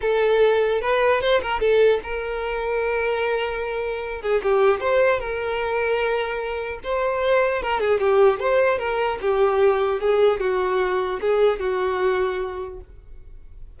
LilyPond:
\new Staff \with { instrumentName = "violin" } { \time 4/4 \tempo 4 = 150 a'2 b'4 c''8 ais'8 | a'4 ais'2.~ | ais'2~ ais'8 gis'8 g'4 | c''4 ais'2.~ |
ais'4 c''2 ais'8 gis'8 | g'4 c''4 ais'4 g'4~ | g'4 gis'4 fis'2 | gis'4 fis'2. | }